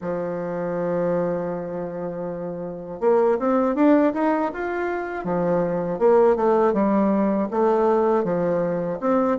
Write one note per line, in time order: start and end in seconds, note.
0.01 3.00 F3
3.00 3.38 A#3
3.39 3.75 C4
3.75 4.12 D4
4.13 4.51 D#4
4.53 5.24 F4
5.24 5.99 F3
5.99 6.36 A#3
6.36 6.73 A3
6.73 7.48 G3
7.50 8.23 A3
8.23 8.98 F3
9.00 9.38 C4